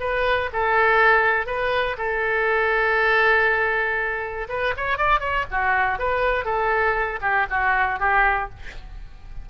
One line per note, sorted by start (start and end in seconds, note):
0.00 0.50 B4
0.53 1.47 A4
1.47 1.97 B4
1.98 4.48 A4
4.49 4.74 B4
4.77 4.98 C#5
4.98 5.20 D5
5.20 5.45 C#5
5.51 5.99 F#4
5.99 6.45 B4
6.45 7.20 A4
7.22 7.47 G4
7.50 8.00 F#4
8.00 8.50 G4